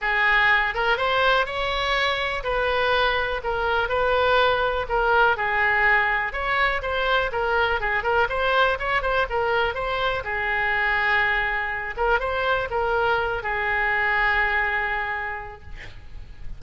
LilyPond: \new Staff \with { instrumentName = "oboe" } { \time 4/4 \tempo 4 = 123 gis'4. ais'8 c''4 cis''4~ | cis''4 b'2 ais'4 | b'2 ais'4 gis'4~ | gis'4 cis''4 c''4 ais'4 |
gis'8 ais'8 c''4 cis''8 c''8 ais'4 | c''4 gis'2.~ | gis'8 ais'8 c''4 ais'4. gis'8~ | gis'1 | }